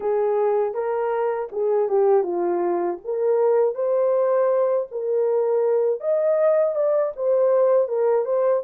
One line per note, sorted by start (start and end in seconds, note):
0.00 0.74 G#4
0.74 1.49 A#4
1.52 1.89 G#4
1.89 2.23 G4
2.23 2.98 F4
3.04 3.74 A#4
3.74 4.87 C5
4.91 6.00 A#4
6.00 6.75 D#5
6.75 7.12 D5
7.16 7.88 C5
7.88 8.25 A#4
8.25 8.62 C5